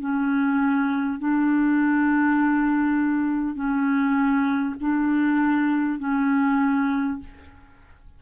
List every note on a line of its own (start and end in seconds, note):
0.00 1.19 C#4
1.19 3.55 D4
3.55 4.75 C#4
4.81 5.99 D4
5.99 7.19 C#4